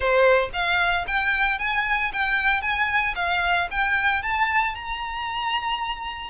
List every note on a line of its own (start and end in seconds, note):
0.00 0.49 C5
0.53 1.05 F5
1.07 1.58 G5
1.58 2.11 G#5
2.12 2.61 G5
2.61 3.14 G#5
3.15 3.67 F5
3.70 4.22 G5
4.22 4.74 A5
4.74 6.30 A#5